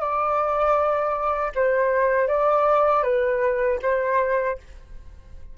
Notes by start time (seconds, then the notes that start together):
0.00 D5
1.55 C5
2.28 D5
3.03 B4
3.82 C5